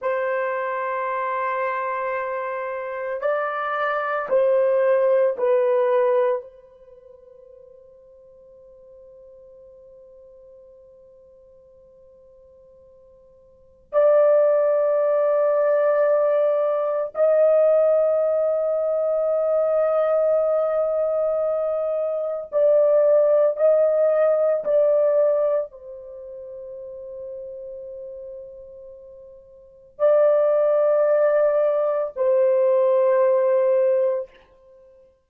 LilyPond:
\new Staff \with { instrumentName = "horn" } { \time 4/4 \tempo 4 = 56 c''2. d''4 | c''4 b'4 c''2~ | c''1~ | c''4 d''2. |
dis''1~ | dis''4 d''4 dis''4 d''4 | c''1 | d''2 c''2 | }